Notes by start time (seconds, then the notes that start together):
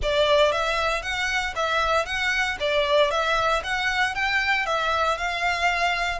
0.02 D5
0.51 E5
1.02 F#5
1.55 E5
2.05 F#5
2.60 D5
3.10 E5
3.63 F#5
4.14 G5
4.66 E5
5.17 F5